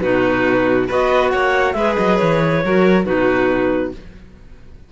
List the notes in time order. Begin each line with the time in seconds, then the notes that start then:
0.00 B2 D#4 F#4 B4
0.87 B3 F#4 B4 D#5
1.29 A#3 C#5 F#5
1.72 G#3 G#4 B4 E5
1.95 F#3 D#5
2.16 E3 C#5
2.62 F#3 F#4 A#4
3.04 B2 D#4 F#4 B4